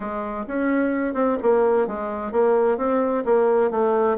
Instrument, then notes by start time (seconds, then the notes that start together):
bassoon
0.00 G#3
0.47 C#4
1.14 C4
1.42 A#3
1.87 G#3
2.32 A#3
2.77 C4
3.25 A#3
3.71 A3